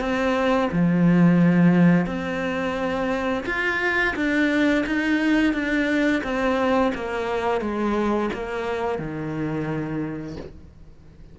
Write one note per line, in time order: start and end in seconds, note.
0.00 0.69 C4
0.72 2.06 F3
2.06 3.44 C4
3.45 4.14 F4
4.15 4.84 D4
4.86 5.53 D#4
5.53 6.22 D4
6.23 6.92 C4
6.94 7.61 A#3
7.61 8.30 G#3
8.33 8.98 A#3
8.98 10.36 D#3